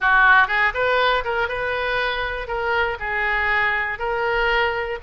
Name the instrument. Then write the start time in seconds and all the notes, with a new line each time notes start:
oboe
0.00 F#4
0.47 G#4
0.73 B4
1.24 A#4
1.48 B4
2.48 A#4
2.99 G#4
3.99 A#4